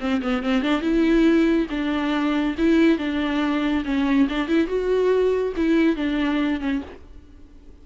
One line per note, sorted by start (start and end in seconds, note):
0.00 0.21 C4
0.22 0.43 B3
0.43 0.63 C4
0.63 0.81 D4
0.81 1.67 E4
1.70 2.56 D4
2.58 2.98 E4
2.98 3.84 D4
3.85 4.28 C#4
4.29 4.48 D4
4.48 4.68 E4
4.68 5.53 F#4
5.56 5.96 E4
5.96 6.60 D4
6.60 6.82 C#4